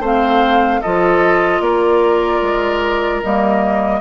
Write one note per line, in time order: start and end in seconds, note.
0.00 0.80 A3
0.00 0.83 C4
0.00 0.81 C5
0.00 0.82 F5
0.82 1.61 F3
0.82 3.24 F4
0.82 1.62 A4
0.82 1.62 D#5
1.61 2.41 A#3
1.61 4.01 A#4
1.61 3.22 D5
2.42 3.22 G#3
3.23 4.01 G3
3.23 4.01 A#3
3.23 4.01 D#5